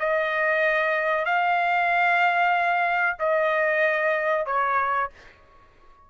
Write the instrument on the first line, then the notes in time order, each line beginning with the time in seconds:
trumpet
0.00 D#5
1.25 F5
3.19 D#5
4.46 C#5